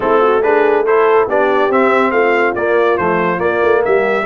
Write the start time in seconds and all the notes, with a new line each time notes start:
0.00 A3 C4 E4 A4
0.20 F#4
0.42 D4 G#4 B4
0.85 E4 A4 C5
1.27 B3 D4 G4 D5
1.68 C4 E5
2.10 A3 F4 F5
2.55 A#3 D5
2.97 F3 A3 C5
3.37 A#3 D5
3.62 A3
3.85 G3 G4 E5